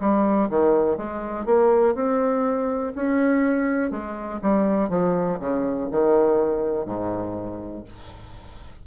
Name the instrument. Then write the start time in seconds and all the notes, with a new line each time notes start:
bassoon
0.00 G3
0.50 D#3
0.97 G#3
1.46 A#3
1.95 C4
2.96 C#4
3.91 G#3
4.42 G3
4.89 F3
5.40 C#3
5.92 D#3
6.86 G#2